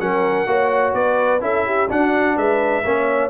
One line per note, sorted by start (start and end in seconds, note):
0.00 0.46 F#3
0.00 0.47 C#4
0.00 0.48 A#4
0.00 0.94 F#5
0.46 0.93 A#3
0.46 1.40 F#4
0.46 0.95 C#5
0.94 1.41 B3
0.94 1.42 B4
0.94 1.41 D5
1.40 1.88 C#4
1.40 1.88 E4
1.40 1.66 A4
1.40 1.91 E5
1.66 1.89 G4
1.89 2.84 D4
1.89 2.37 D4
1.89 2.37 F#4
1.89 2.38 F#5
2.37 2.84 G#3
2.37 2.84 B4
2.37 3.30 E5
2.84 3.30 A#3
2.84 3.30 C#4
2.84 3.30 C#5